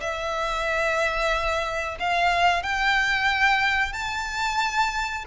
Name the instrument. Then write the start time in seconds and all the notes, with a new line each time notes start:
violin
0.00 E5
1.99 F5
2.63 G5
3.93 A5